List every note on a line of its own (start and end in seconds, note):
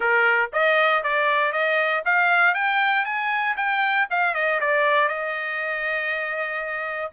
0.00 0.51 A#4
0.52 1.03 D#5
1.03 1.52 D5
1.52 2.03 D#5
2.05 2.54 F5
2.54 3.05 G5
3.05 3.56 G#5
3.56 4.07 G5
4.10 4.34 F5
4.34 4.59 D#5
4.60 5.08 D5
5.08 7.12 D#5